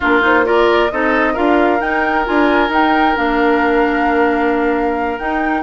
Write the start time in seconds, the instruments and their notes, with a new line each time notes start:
0.00 bassoon A#3, clarinet D4, oboe F4, flute A#4
0.21 clarinet D#4, flute C5
0.44 clarinet F4, oboe A#4, flute D5
0.91 bassoon C4, clarinet D#4, oboe A4, flute D#5
1.33 bassoon D4, clarinet F4, oboe A#4, flute F5
1.79 clarinet D#4, bassoon D#4, flute G5
2.24 bassoon D4, clarinet F4, flute G#5
2.69 bassoon D#4, clarinet D#4, flute G5
3.15 bassoon A#3, clarinet D4, flute F5
5.18 clarinet D#4, bassoon D#4, flute G5